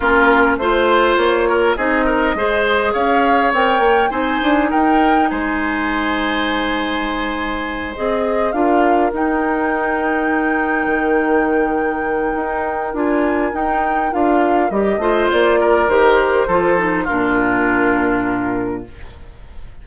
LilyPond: <<
  \new Staff \with { instrumentName = "flute" } { \time 4/4 \tempo 4 = 102 ais'4 c''4 cis''4 dis''4~ | dis''4 f''4 g''4 gis''4 | g''4 gis''2.~ | gis''4. dis''4 f''4 g''8~ |
g''1~ | g''2 gis''4 g''4 | f''4 dis''4 d''4 c''4~ | c''4 ais'2. | }
  \new Staff \with { instrumentName = "oboe" } { \time 4/4 f'4 c''4. ais'8 gis'8 ais'8 | c''4 cis''2 c''4 | ais'4 c''2.~ | c''2~ c''8 ais'4.~ |
ais'1~ | ais'1~ | ais'4. c''4 ais'4. | a'4 f'2. | }
  \new Staff \with { instrumentName = "clarinet" } { \time 4/4 cis'4 f'2 dis'4 | gis'2 ais'4 dis'4~ | dis'1~ | dis'4. gis'4 f'4 dis'8~ |
dis'1~ | dis'2 f'4 dis'4 | f'4 g'8 f'4. g'4 | f'8 dis'8 d'2. | }
  \new Staff \with { instrumentName = "bassoon" } { \time 4/4 ais4 a4 ais4 c'4 | gis4 cis'4 c'8 ais8 c'8 d'8 | dis'4 gis2.~ | gis4. c'4 d'4 dis'8~ |
dis'2~ dis'8 dis4.~ | dis4 dis'4 d'4 dis'4 | d'4 g8 a8 ais4 dis4 | f4 ais,2. | }
>>